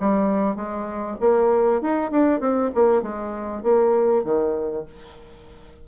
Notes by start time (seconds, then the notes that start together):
0.00 G3
0.56 G#3
1.20 A#3
1.81 D#4
2.11 D4
2.40 C4
2.75 A#3
3.02 G#3
3.63 A#3
4.24 D#3